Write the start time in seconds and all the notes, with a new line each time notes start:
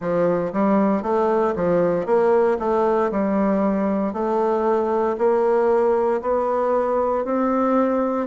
0.00 F3
0.53 G3
1.02 A3
1.55 F3
2.05 A#3
2.59 A3
3.11 G3
4.13 A3
5.17 A#3
6.21 B3
7.25 C4